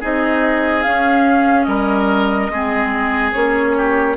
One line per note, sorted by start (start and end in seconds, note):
0.00 0.85 C4
0.00 0.84 D#4
0.00 1.67 G#4
0.00 0.82 D#5
0.82 2.51 C#4
0.82 1.67 C#4
0.82 1.63 F5
1.63 2.49 G3
1.63 2.51 A#4
1.63 3.30 D#5
2.49 3.32 G#3
2.49 3.33 C4
2.49 3.77 G#4
3.32 4.16 A#3
3.32 4.16 C#4
3.32 4.15 C#5
3.77 4.16 G4